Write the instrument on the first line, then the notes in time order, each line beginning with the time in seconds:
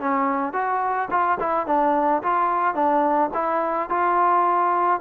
trombone
0.00 C#4
0.53 F#4
1.11 F4
1.40 E4
1.67 D4
2.23 F4
2.75 D4
3.34 E4
3.90 F4